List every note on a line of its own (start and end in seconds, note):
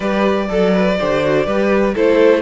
0.00 0.49 G3
0.00 0.48 G4
0.00 0.47 B4
0.00 1.93 D5
0.48 0.99 F#3
0.48 0.97 A4
0.48 0.73 A4
0.73 0.98 B4
0.99 1.46 D3
0.99 1.23 G4
0.99 1.46 C5
1.23 1.45 F#4
1.45 1.95 G3
1.45 1.94 G4
1.45 1.94 B4
1.94 2.42 A3
1.94 2.42 E4
1.94 2.42 A4
1.94 2.42 C5